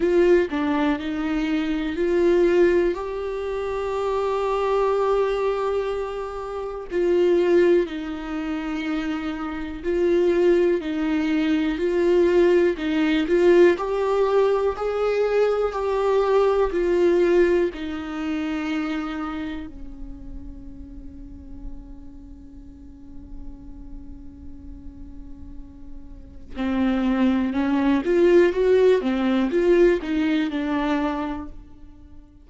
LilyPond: \new Staff \with { instrumentName = "viola" } { \time 4/4 \tempo 4 = 61 f'8 d'8 dis'4 f'4 g'4~ | g'2. f'4 | dis'2 f'4 dis'4 | f'4 dis'8 f'8 g'4 gis'4 |
g'4 f'4 dis'2 | cis'1~ | cis'2. c'4 | cis'8 f'8 fis'8 c'8 f'8 dis'8 d'4 | }